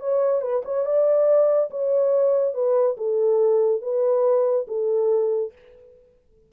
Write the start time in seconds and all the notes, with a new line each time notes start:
0.00 C#5
0.41 B4
0.65 C#5
0.86 D5
1.71 C#5
2.54 B4
2.97 A4
3.82 B4
4.68 A4